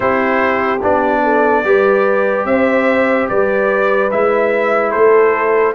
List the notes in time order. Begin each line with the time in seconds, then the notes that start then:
0.00 C4 E4 G4 C5
0.82 B3 D4 D5
1.23 A4
1.64 G3 G4 B4
2.44 C4 C5 E5
3.28 G3 B4 D5
4.11 G#3 E4 E5
4.91 A3 A4 C5